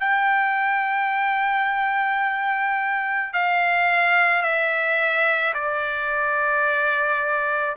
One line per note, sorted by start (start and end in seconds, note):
0.00 3.33 G5
3.33 4.42 F5
4.42 5.54 E5
5.54 7.76 D5